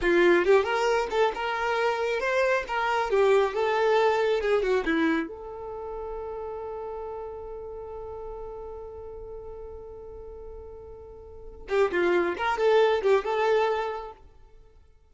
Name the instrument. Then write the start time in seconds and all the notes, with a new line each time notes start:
violin
0.01 F4
0.45 G4
0.63 A#4
1.10 A4
1.35 A#4
2.20 C5
2.67 A#4
3.10 G4
3.54 A4
4.40 G#4
4.62 F#4
4.85 E4
5.28 A4
11.69 G4
11.91 F4
12.37 A#4
12.57 A4
13.02 G4
13.24 A4